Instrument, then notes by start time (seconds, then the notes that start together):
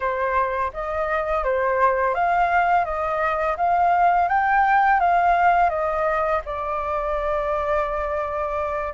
flute
0.00 C5
0.73 D#5
1.44 C5
2.14 F5
2.84 D#5
3.56 F5
4.28 G5
4.99 F5
5.69 D#5
6.45 D5